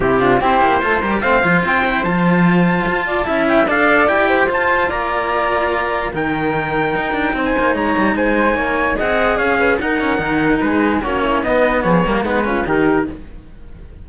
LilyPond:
<<
  \new Staff \with { instrumentName = "trumpet" } { \time 4/4 \tempo 4 = 147 g'4 c''2 f''4 | g''4 a''2.~ | a''8 g''8 f''4 g''4 a''4 | ais''2. g''4~ |
g''2~ g''16 gis''8. ais''4 | gis''2 fis''4 f''4 | fis''2 b'4 cis''4 | dis''4 cis''4 b'4 ais'4 | }
  \new Staff \with { instrumentName = "flute" } { \time 4/4 e'8 f'8 g'4 a'8 ais'8 c''4~ | c''2.~ c''8 d''8 | e''4 d''4. c''4. | d''2. ais'4~ |
ais'2 c''4 cis''4 | c''4 cis''4 dis''4 cis''8 b'8 | ais'2 gis'4 fis'8 e'8 | dis'4 gis'8 ais'8 dis'8 f'8 g'4 | }
  \new Staff \with { instrumentName = "cello" } { \time 4/4 c'8 d'8 e'4 f'8 g'8 c'8 f'8~ | f'8 e'8 f'2. | e'4 a'4 g'4 f'4~ | f'2. dis'4~ |
dis'1~ | dis'2 gis'2 | dis'8 cis'8 dis'2 cis'4 | b4. ais8 b8 cis'8 dis'4 | }
  \new Staff \with { instrumentName = "cello" } { \time 4/4 c4 c'8 ais8 a8 g8 a8 f8 | c'4 f2 f'4 | cis'4 d'4 e'4 f'4 | ais2. dis4~ |
dis4 dis'8 d'8 c'8 ais8 gis8 g8 | gis4 ais4 c'4 cis'4 | dis'4 dis4 gis4 ais4 | b4 f8 g8 gis4 dis4 | }
>>